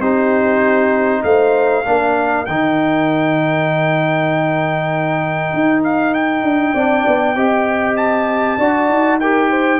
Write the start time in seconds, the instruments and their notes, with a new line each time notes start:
0.00 tuba C4, trombone D#4, horn G4, trumpet C5
1.23 tuba A3, horn C5, trumpet F5
1.85 tuba A#3, trombone D4, horn A#4
2.46 tuba D#3, trombone D#4, trumpet G5
5.54 tuba D#4
5.84 trumpet F5
6.14 trumpet G5
6.43 tuba D4
6.73 tuba C4, trombone D4, horn D5
7.07 tuba B3
7.36 tuba C4, trombone G4, horn D#5
7.97 trumpet A5
8.58 tuba D4, trombone F#4, horn D5
8.89 tuba D#4
9.20 trombone G4, horn A#4, trumpet G5
9.50 horn C5